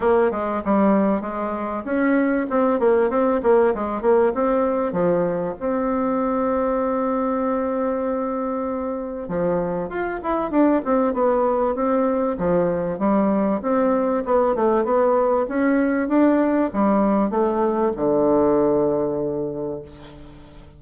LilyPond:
\new Staff \with { instrumentName = "bassoon" } { \time 4/4 \tempo 4 = 97 ais8 gis8 g4 gis4 cis'4 | c'8 ais8 c'8 ais8 gis8 ais8 c'4 | f4 c'2.~ | c'2. f4 |
f'8 e'8 d'8 c'8 b4 c'4 | f4 g4 c'4 b8 a8 | b4 cis'4 d'4 g4 | a4 d2. | }